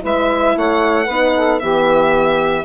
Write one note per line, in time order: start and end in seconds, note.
0.00 0.56 G#3
0.00 1.06 E4
0.00 0.56 B4
0.06 0.59 E5
0.56 1.08 A3
0.56 1.05 C#5
0.56 1.60 F#5
1.05 1.61 B3
1.05 1.61 D#4
1.05 1.32 B4
1.36 1.61 A4
1.60 2.66 E3
1.60 2.66 B3
1.60 2.66 G4
1.60 2.66 E5